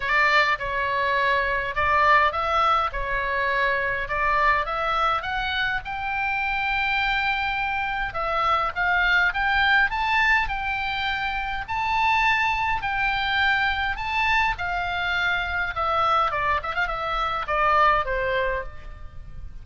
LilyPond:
\new Staff \with { instrumentName = "oboe" } { \time 4/4 \tempo 4 = 103 d''4 cis''2 d''4 | e''4 cis''2 d''4 | e''4 fis''4 g''2~ | g''2 e''4 f''4 |
g''4 a''4 g''2 | a''2 g''2 | a''4 f''2 e''4 | d''8 e''16 f''16 e''4 d''4 c''4 | }